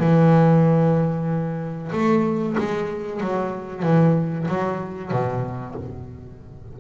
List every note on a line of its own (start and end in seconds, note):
0.00 1.91 E3
1.93 2.56 A3
2.59 3.21 G#3
3.21 3.83 F#3
3.83 4.47 E3
4.48 5.12 F#3
5.12 5.75 B2